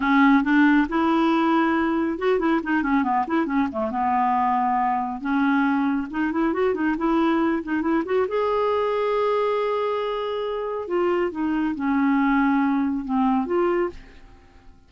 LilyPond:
\new Staff \with { instrumentName = "clarinet" } { \time 4/4 \tempo 4 = 138 cis'4 d'4 e'2~ | e'4 fis'8 e'8 dis'8 cis'8 b8 e'8 | cis'8 a8 b2. | cis'2 dis'8 e'8 fis'8 dis'8 |
e'4. dis'8 e'8 fis'8 gis'4~ | gis'1~ | gis'4 f'4 dis'4 cis'4~ | cis'2 c'4 f'4 | }